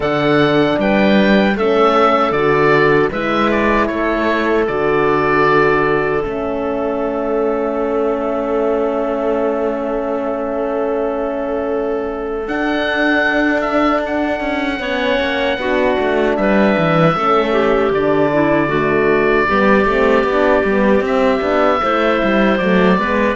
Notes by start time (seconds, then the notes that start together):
0.00 D3 D4 A4 F#5
0.78 G3 B4 G5
1.55 A3 C#4 A4 E5
2.31 D3 F#4 D5
3.11 G#3 E4 B4 E5
3.51 D5
3.86 A3 A4 C#5
4.67 D3 F#4 D5
6.23 A3 C#4 E5
12.47 D4 F#5
13.61 E5
14.05 F#5
14.40 C#4
14.79 B3 C#4 C#5
15.19 A#3
15.57 B3 D4 F#4
15.99 A3
16.36 G3 B4 E5
16.77 E3
17.14 A3 C#4 A4
17.52 G4
17.91 D3 D4 D5
18.33 E4
18.67 A3 F#4
19.47 G3 B3 G4
19.85 A3 C4
20.24 B3 D4
20.63 G3 B3
21.00 C4 E5
21.40 B3 D4
21.81 A3 E4 C5
22.23 G3
22.58 F#3 A3 D5
22.98 G#3 B3 B4